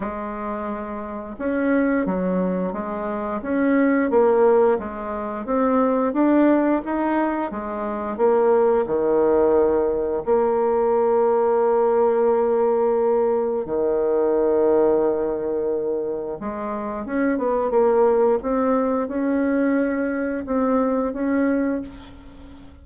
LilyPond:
\new Staff \with { instrumentName = "bassoon" } { \time 4/4 \tempo 4 = 88 gis2 cis'4 fis4 | gis4 cis'4 ais4 gis4 | c'4 d'4 dis'4 gis4 | ais4 dis2 ais4~ |
ais1 | dis1 | gis4 cis'8 b8 ais4 c'4 | cis'2 c'4 cis'4 | }